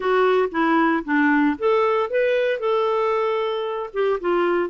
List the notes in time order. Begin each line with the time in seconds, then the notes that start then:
0.00 F#4
0.51 E4
1.04 D4
1.58 A4
2.10 B4
2.59 A4
3.93 G4
4.20 F4